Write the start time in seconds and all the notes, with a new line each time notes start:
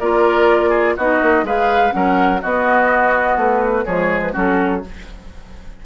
0.00 A#3 F4 A#4 D5
0.70 G#4
0.97 B3 D#4 F#4 D#5
1.22 A#3
1.43 G#3 G#4 B4 F5
1.91 F#3 C#4 A#4 F#5
2.42 B3 F#4 D#5
3.37 A3 B4
3.85 F3 G#3 G#4 C#5
4.22 B4
4.33 F#3 C#4 F#4 A4